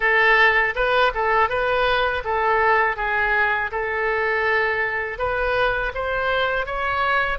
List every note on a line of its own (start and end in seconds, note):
0.00 0.74 A4
0.75 1.12 B4
1.14 1.49 A4
1.49 2.23 B4
2.24 2.96 A4
2.96 3.70 G#4
3.71 5.18 A4
5.18 5.92 B4
5.94 6.66 C5
6.66 7.38 C#5